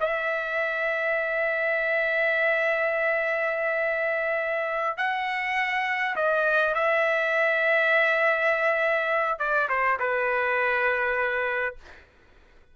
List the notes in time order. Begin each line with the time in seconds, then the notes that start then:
0.00 E5
4.97 F#5
6.16 D#5
6.74 E5
9.39 D5
9.69 C5
9.99 B4